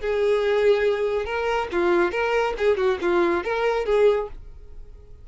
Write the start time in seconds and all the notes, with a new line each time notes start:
0.00 G#4
1.25 A#4
1.71 F4
2.11 A#4
2.57 G#4
2.77 F#4
3.01 F4
3.43 A#4
3.85 G#4